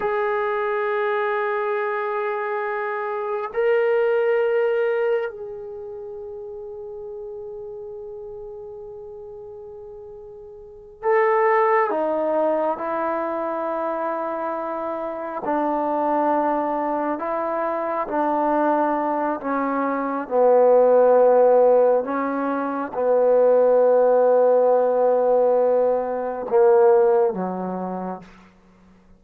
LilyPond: \new Staff \with { instrumentName = "trombone" } { \time 4/4 \tempo 4 = 68 gis'1 | ais'2 gis'2~ | gis'1~ | gis'8 a'4 dis'4 e'4.~ |
e'4. d'2 e'8~ | e'8 d'4. cis'4 b4~ | b4 cis'4 b2~ | b2 ais4 fis4 | }